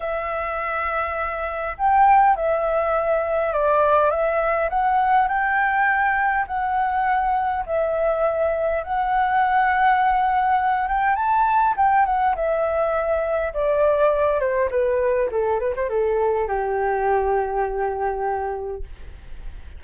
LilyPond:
\new Staff \with { instrumentName = "flute" } { \time 4/4 \tempo 4 = 102 e''2. g''4 | e''2 d''4 e''4 | fis''4 g''2 fis''4~ | fis''4 e''2 fis''4~ |
fis''2~ fis''8 g''8 a''4 | g''8 fis''8 e''2 d''4~ | d''8 c''8 b'4 a'8 b'16 c''16 a'4 | g'1 | }